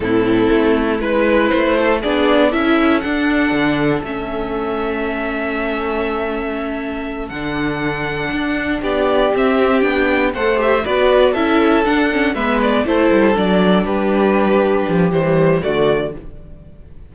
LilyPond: <<
  \new Staff \with { instrumentName = "violin" } { \time 4/4 \tempo 4 = 119 a'2 b'4 c''4 | d''4 e''4 fis''2 | e''1~ | e''2~ e''8 fis''4.~ |
fis''4. d''4 e''4 g''8~ | g''8 fis''8 e''8 d''4 e''4 fis''8~ | fis''8 e''8 d''8 c''4 d''4 b'8~ | b'2 c''4 d''4 | }
  \new Staff \with { instrumentName = "violin" } { \time 4/4 e'2 b'4. a'8 | gis'4 a'2.~ | a'1~ | a'1~ |
a'4. g'2~ g'8~ | g'8 c''4 b'4 a'4.~ | a'8 b'4 a'2 g'8~ | g'2. fis'4 | }
  \new Staff \with { instrumentName = "viola" } { \time 4/4 c'2 e'2 | d'4 e'4 d'2 | cis'1~ | cis'2~ cis'8 d'4.~ |
d'2~ d'8 c'4 d'8~ | d'8 a'8 g'8 fis'4 e'4 d'8 | cis'8 b4 e'4 d'4.~ | d'2 g4 a4 | }
  \new Staff \with { instrumentName = "cello" } { \time 4/4 a,4 a4 gis4 a4 | b4 cis'4 d'4 d4 | a1~ | a2~ a8 d4.~ |
d8 d'4 b4 c'4 b8~ | b8 a4 b4 cis'4 d'8~ | d'8 gis4 a8 g8 fis4 g8~ | g4. f8 e4 d4 | }
>>